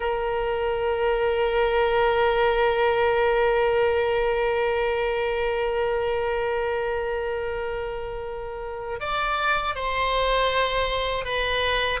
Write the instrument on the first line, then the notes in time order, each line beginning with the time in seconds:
oboe
0.00 A#4
9.00 D5
9.75 C5
11.25 B4